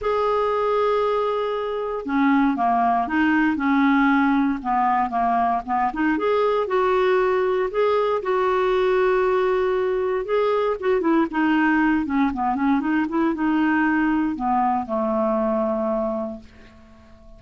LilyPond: \new Staff \with { instrumentName = "clarinet" } { \time 4/4 \tempo 4 = 117 gis'1 | cis'4 ais4 dis'4 cis'4~ | cis'4 b4 ais4 b8 dis'8 | gis'4 fis'2 gis'4 |
fis'1 | gis'4 fis'8 e'8 dis'4. cis'8 | b8 cis'8 dis'8 e'8 dis'2 | b4 a2. | }